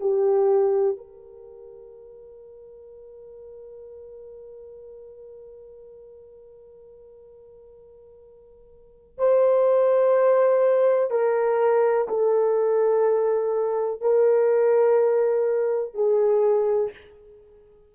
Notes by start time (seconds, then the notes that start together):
0.00 G4
0.97 A#4
9.18 C5
11.10 A#4
12.08 A4
14.01 A#4
15.94 G#4